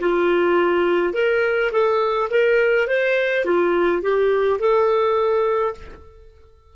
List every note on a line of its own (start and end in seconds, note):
0.00 1.13 F4
1.13 1.71 A#4
1.72 2.29 A4
2.30 2.87 A#4
2.87 3.45 C5
3.45 4.02 F4
4.02 4.59 G4
4.59 5.74 A4